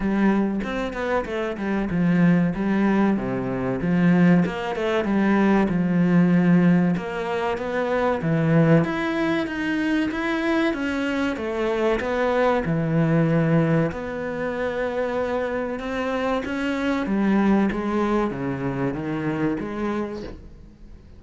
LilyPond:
\new Staff \with { instrumentName = "cello" } { \time 4/4 \tempo 4 = 95 g4 c'8 b8 a8 g8 f4 | g4 c4 f4 ais8 a8 | g4 f2 ais4 | b4 e4 e'4 dis'4 |
e'4 cis'4 a4 b4 | e2 b2~ | b4 c'4 cis'4 g4 | gis4 cis4 dis4 gis4 | }